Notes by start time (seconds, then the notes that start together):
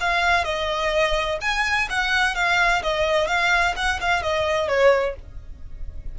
0.00 F5
0.44 D#5
1.41 G#5
1.89 F#5
2.35 F5
2.82 D#5
3.27 F5
3.76 F#5
4.00 F5
4.22 D#5
4.68 C#5